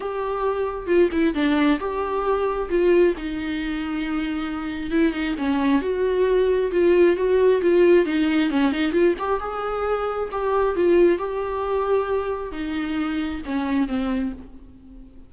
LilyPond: \new Staff \with { instrumentName = "viola" } { \time 4/4 \tempo 4 = 134 g'2 f'8 e'8 d'4 | g'2 f'4 dis'4~ | dis'2. e'8 dis'8 | cis'4 fis'2 f'4 |
fis'4 f'4 dis'4 cis'8 dis'8 | f'8 g'8 gis'2 g'4 | f'4 g'2. | dis'2 cis'4 c'4 | }